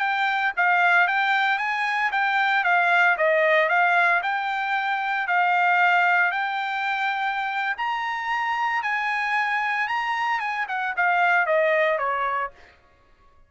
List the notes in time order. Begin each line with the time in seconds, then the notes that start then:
0.00 G5
0.57 F5
1.08 G5
1.59 G#5
2.12 G5
2.64 F5
3.18 D#5
3.69 F5
4.23 G5
5.28 F5
6.32 G5
7.78 A#5
8.83 G#5
9.89 A#5
10.40 G#5
10.69 F#5
10.97 F5
11.47 D#5
11.99 C#5